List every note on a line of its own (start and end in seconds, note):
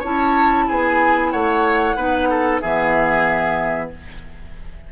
0.00 0.69 C#4
0.00 1.97 E4
0.00 0.65 C#5
0.00 0.68 A5
0.68 1.33 B3
0.68 1.32 G#4
0.68 1.31 G#5
1.31 1.97 A3
1.31 1.97 C#5
1.31 2.60 F#5
1.97 2.61 B3
1.97 2.62 D#4
1.97 2.29 B4
2.30 2.62 A4
2.61 3.92 E3
2.61 3.92 B3
2.61 3.91 G#4
2.61 3.90 E5